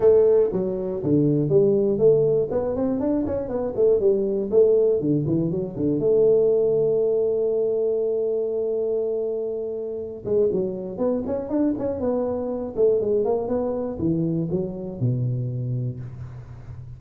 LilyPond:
\new Staff \with { instrumentName = "tuba" } { \time 4/4 \tempo 4 = 120 a4 fis4 d4 g4 | a4 b8 c'8 d'8 cis'8 b8 a8 | g4 a4 d8 e8 fis8 d8 | a1~ |
a1~ | a8 gis8 fis4 b8 cis'8 d'8 cis'8 | b4. a8 gis8 ais8 b4 | e4 fis4 b,2 | }